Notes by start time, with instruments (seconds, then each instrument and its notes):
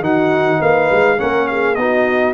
0.00 tuba D#3, trombone D#4, horn F#4, trumpet F#5
0.60 tuba A#3, horn B4, trumpet F5
0.91 tuba G#3
1.17 tuba A#3, trombone C#4, horn A#4, trumpet F#5
1.47 horn G#4, trumpet F5
1.75 tuba B3, trombone D#4, horn F#4, trumpet D#5